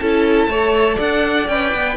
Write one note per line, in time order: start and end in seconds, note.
0.00 0.47 C#4
0.00 0.51 E4
0.00 0.50 A4
0.00 0.98 A5
0.47 0.97 A3
0.47 1.49 A4
0.47 0.97 C#5
0.97 1.49 D4
0.97 1.95 D5
0.97 1.48 F#5
1.48 1.74 C#4
1.48 1.97 B4
1.48 1.97 G5
1.74 1.97 B3